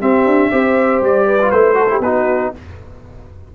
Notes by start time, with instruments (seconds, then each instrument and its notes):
0.00 trombone C4, tuba C4, horn G4, trumpet E5
0.25 tuba D4
0.51 tuba C4, trombone G4, horn C5
1.01 tuba G3, trumpet D5
1.26 horn B4
1.41 trombone F4
1.50 tuba A3, trombone E4, trumpet C5
1.74 trombone F#4, horn A4
1.87 trombone E4, horn G4
1.99 tuba B3, trombone D#4, horn F#4, trumpet B4